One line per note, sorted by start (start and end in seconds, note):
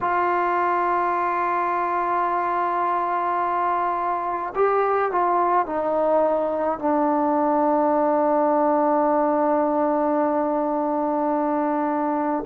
0.01 4.53 F4
4.55 5.11 G4
5.11 5.66 F4
5.66 6.78 D#4
6.78 12.44 D4